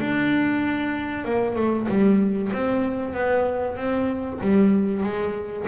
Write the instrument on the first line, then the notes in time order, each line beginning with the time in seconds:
double bass
0.00 D4
1.25 A#3
1.56 A3
1.88 G3
2.53 C4
3.14 B3
3.76 C4
4.41 G3
5.03 G#3